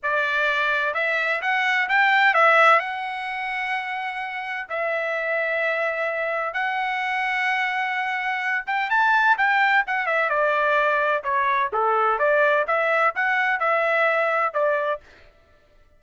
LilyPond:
\new Staff \with { instrumentName = "trumpet" } { \time 4/4 \tempo 4 = 128 d''2 e''4 fis''4 | g''4 e''4 fis''2~ | fis''2 e''2~ | e''2 fis''2~ |
fis''2~ fis''8 g''8 a''4 | g''4 fis''8 e''8 d''2 | cis''4 a'4 d''4 e''4 | fis''4 e''2 d''4 | }